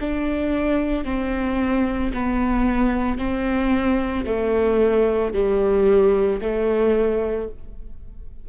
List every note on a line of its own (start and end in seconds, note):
0.00 1.04 D4
1.04 2.11 C4
2.13 3.18 B3
3.18 4.25 C4
4.26 5.33 A3
5.33 6.40 G3
6.41 7.48 A3